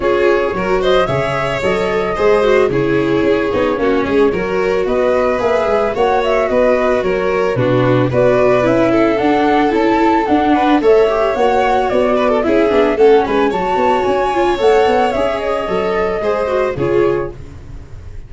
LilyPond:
<<
  \new Staff \with { instrumentName = "flute" } { \time 4/4 \tempo 4 = 111 cis''4. dis''8 e''4 dis''4~ | dis''4 cis''2.~ | cis''4 dis''4 e''4 fis''8 e''8 | dis''4 cis''4 b'4 d''4 |
e''4 fis''4 a''4 fis''4 | e''4 fis''4 d''4 e''4 | fis''8 gis''8 a''4 gis''4 fis''4 | e''8 dis''2~ dis''8 cis''4 | }
  \new Staff \with { instrumentName = "violin" } { \time 4/4 gis'4 ais'8 c''8 cis''2 | c''4 gis'2 fis'8 gis'8 | ais'4 b'2 cis''4 | b'4 ais'4 fis'4 b'4~ |
b'8 a'2. b'8 | cis''2~ cis''8 b'16 a'16 gis'4 | a'8 b'8 cis''2.~ | cis''2 c''4 gis'4 | }
  \new Staff \with { instrumentName = "viola" } { \time 4/4 f'4 fis'4 gis'4 a'4 | gis'8 fis'8 e'4. dis'8 cis'4 | fis'2 gis'4 fis'4~ | fis'2 d'4 fis'4 |
e'4 d'4 e'4 d'4 | a'8 g'8 fis'2 e'8 d'8 | cis'4 fis'4. f'8 a'4 | gis'4 a'4 gis'8 fis'8 f'4 | }
  \new Staff \with { instrumentName = "tuba" } { \time 4/4 cis'4 fis4 cis4 fis4 | gis4 cis4 cis'8 b8 ais8 gis8 | fis4 b4 ais8 gis8 ais4 | b4 fis4 b,4 b4 |
cis'4 d'4 cis'4 d'4 | a4 ais4 b4 cis'8 b8 | a8 gis8 fis8 b8 cis'4 a8 b8 | cis'4 fis4 gis4 cis4 | }
>>